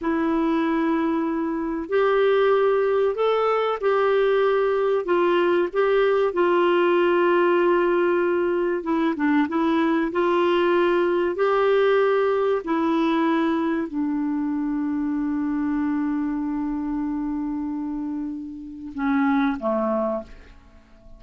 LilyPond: \new Staff \with { instrumentName = "clarinet" } { \time 4/4 \tempo 4 = 95 e'2. g'4~ | g'4 a'4 g'2 | f'4 g'4 f'2~ | f'2 e'8 d'8 e'4 |
f'2 g'2 | e'2 d'2~ | d'1~ | d'2 cis'4 a4 | }